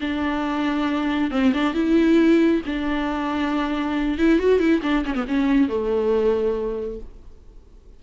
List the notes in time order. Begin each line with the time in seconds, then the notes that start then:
0.00 D4
1.31 C4
1.53 D4
1.73 E4
2.65 D4
4.18 E4
4.39 F#4
4.59 E4
4.82 D4
5.05 C#4
5.14 B3
5.28 C#4
5.68 A3